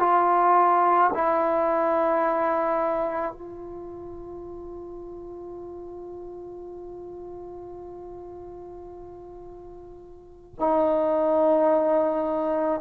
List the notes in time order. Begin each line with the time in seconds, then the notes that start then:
0.00 F4
1.14 E4
3.33 F4
10.59 D#4